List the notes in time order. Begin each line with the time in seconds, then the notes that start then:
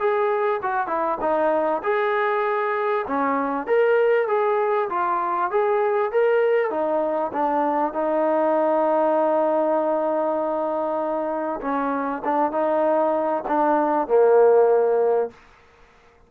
0.00 G#4
0.63 F#4
0.88 E4
1.21 D#4
1.84 G#4
3.08 C#4
3.67 A#4
4.28 G#4
4.90 F4
5.51 G#4
6.12 A#4
6.71 D#4
7.33 D4
7.94 D#4
11.62 C#4
12.25 D4
12.52 D#4
13.48 D4
14.08 A#3